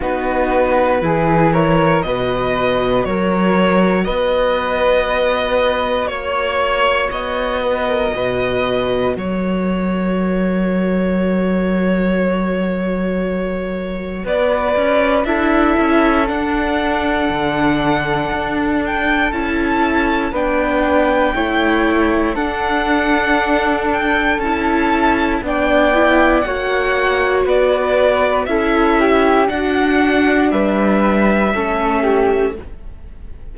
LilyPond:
<<
  \new Staff \with { instrumentName = "violin" } { \time 4/4 \tempo 4 = 59 b'4. cis''8 dis''4 cis''4 | dis''2 cis''4 dis''4~ | dis''4 cis''2.~ | cis''2 d''4 e''4 |
fis''2~ fis''8 g''8 a''4 | g''2 fis''4. g''8 | a''4 g''4 fis''4 d''4 | e''4 fis''4 e''2 | }
  \new Staff \with { instrumentName = "flute" } { \time 4/4 fis'4 gis'8 ais'8 b'4 ais'4 | b'2 cis''4. b'16 ais'16 | b'4 ais'2.~ | ais'2 b'4 a'4~ |
a'1 | b'4 cis''4 a'2~ | a'4 d''4 cis''4 b'4 | a'8 g'8 fis'4 b'4 a'8 g'8 | }
  \new Staff \with { instrumentName = "viola" } { \time 4/4 dis'4 e'4 fis'2~ | fis'1~ | fis'1~ | fis'2. e'4 |
d'2. e'4 | d'4 e'4 d'2 | e'4 d'8 e'8 fis'2 | e'4 d'2 cis'4 | }
  \new Staff \with { instrumentName = "cello" } { \time 4/4 b4 e4 b,4 fis4 | b2 ais4 b4 | b,4 fis2.~ | fis2 b8 cis'8 d'8 cis'8 |
d'4 d4 d'4 cis'4 | b4 a4 d'2 | cis'4 b4 ais4 b4 | cis'4 d'4 g4 a4 | }
>>